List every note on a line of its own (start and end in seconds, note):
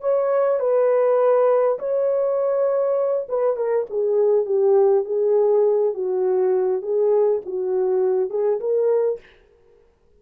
0.00 0.59 C#5
0.59 1.78 B4
1.78 3.27 C#5
3.28 3.56 B4
3.56 3.86 A#4
3.90 4.45 G#4
4.45 5.04 G4
5.04 5.94 G#4
5.94 6.82 F#4
6.82 7.41 G#4
7.46 8.30 F#4
8.30 8.59 G#4
8.60 9.19 A#4